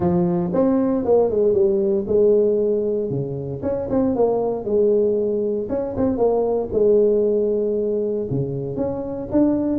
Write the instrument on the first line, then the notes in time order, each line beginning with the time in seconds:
tuba
0.00 F3
0.53 C4
1.05 A#3
1.30 G#3
1.53 G3
2.07 G#3
3.10 C#3
3.62 C#4
3.90 C4
4.15 A#3
4.65 G#3
5.69 C#4
5.96 C4
6.17 A#3
6.72 G#3
8.30 C#3
8.76 C#4
9.31 D4